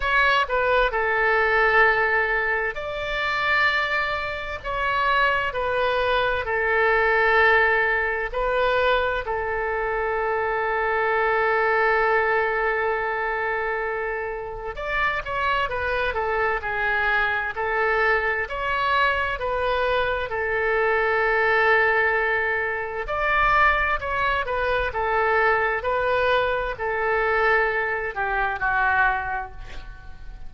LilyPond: \new Staff \with { instrumentName = "oboe" } { \time 4/4 \tempo 4 = 65 cis''8 b'8 a'2 d''4~ | d''4 cis''4 b'4 a'4~ | a'4 b'4 a'2~ | a'1 |
d''8 cis''8 b'8 a'8 gis'4 a'4 | cis''4 b'4 a'2~ | a'4 d''4 cis''8 b'8 a'4 | b'4 a'4. g'8 fis'4 | }